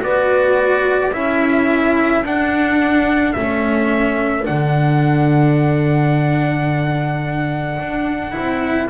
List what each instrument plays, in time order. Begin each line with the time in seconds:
0.00 double bass B3, cello F#4, horn B4, trumpet D5
1.11 double bass C#4, cello E4, horn A4, trumpet E5
2.24 double bass D4, cello D4, trumpet F#5
3.33 double bass A3, cello C#4, trumpet E5
4.44 double bass D3, cello D4, trumpet F#5
7.79 double bass D4
8.32 double bass C4, cello E4